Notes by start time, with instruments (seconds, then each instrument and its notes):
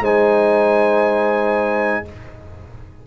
0.00 tuba G#3, trombone D#4, horn C5, trumpet G#5